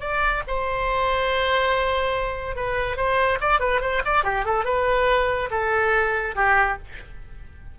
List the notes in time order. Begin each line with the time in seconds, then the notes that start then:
0.00 D5
0.47 C5
2.55 B4
2.96 C5
3.40 D5
3.60 B4
3.81 C5
4.05 D5
4.24 G4
4.45 A4
4.64 B4
5.50 A4
6.35 G4